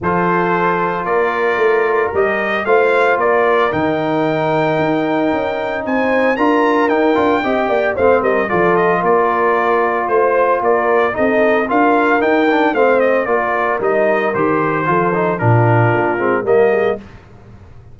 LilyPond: <<
  \new Staff \with { instrumentName = "trumpet" } { \time 4/4 \tempo 4 = 113 c''2 d''2 | dis''4 f''4 d''4 g''4~ | g''2. gis''4 | ais''4 g''2 f''8 dis''8 |
d''8 dis''8 d''2 c''4 | d''4 dis''4 f''4 g''4 | f''8 dis''8 d''4 dis''4 c''4~ | c''4 ais'2 dis''4 | }
  \new Staff \with { instrumentName = "horn" } { \time 4/4 a'2 ais'2~ | ais'4 c''4 ais'2~ | ais'2. c''4 | ais'2 dis''8 d''8 c''8 ais'8 |
a'4 ais'2 c''4 | ais'4 a'4 ais'2 | c''4 ais'2. | a'4 f'2 ais'8 gis'8 | }
  \new Staff \with { instrumentName = "trombone" } { \time 4/4 f'1 | g'4 f'2 dis'4~ | dis'1 | f'4 dis'8 f'8 g'4 c'4 |
f'1~ | f'4 dis'4 f'4 dis'8 d'8 | c'4 f'4 dis'4 g'4 | f'8 dis'8 d'4. c'8 ais4 | }
  \new Staff \with { instrumentName = "tuba" } { \time 4/4 f2 ais4 a4 | g4 a4 ais4 dis4~ | dis4 dis'4 cis'4 c'4 | d'4 dis'8 d'8 c'8 ais8 a8 g8 |
f4 ais2 a4 | ais4 c'4 d'4 dis'4 | a4 ais4 g4 dis4 | f4 ais,4 ais8 gis8 g4 | }
>>